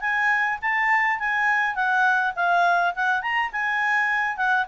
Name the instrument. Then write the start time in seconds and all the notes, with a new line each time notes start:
clarinet
0.00 G#5
0.61 A5
1.19 G#5
1.75 F#5
2.35 F5
2.95 F#5
3.21 A#5
3.52 G#5
4.36 F#5